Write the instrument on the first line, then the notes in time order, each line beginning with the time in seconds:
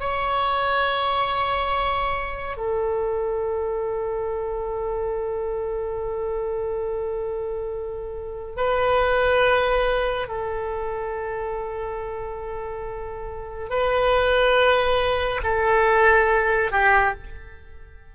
oboe
0.00 C#5
2.57 A4
8.57 B4
10.28 A4
13.69 B4
15.44 A4
16.71 G4